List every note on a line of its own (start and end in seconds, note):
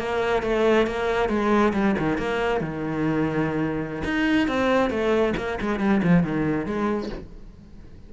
0.00 0.43 A#3
0.43 0.87 A3
0.87 1.29 A#3
1.29 1.73 G#3
1.74 1.96 G3
1.99 2.18 D#3
2.18 2.61 A#3
2.61 4.03 D#3
4.05 4.48 D#4
4.48 4.91 C4
4.91 5.34 A3
5.37 5.59 A#3
5.61 5.80 G#3
5.80 6.02 G3
6.03 6.23 F3
6.23 6.66 D#3
6.66 7.10 G#3